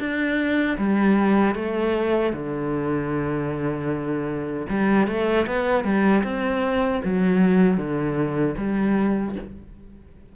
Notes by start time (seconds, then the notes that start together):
0.00 D4
0.78 G3
1.56 A3
2.33 D3
4.70 G3
5.08 A3
5.47 B3
5.85 G3
6.24 C4
7.04 F#3
7.78 D3
8.58 G3